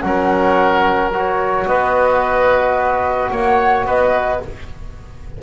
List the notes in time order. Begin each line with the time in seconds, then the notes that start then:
0.00 F#3 C#4 A#4 F#5
1.13 F#4 C#5
1.66 B3 B4 D#5
3.30 A#3 C#5 F#5
3.85 B3 B4 D#5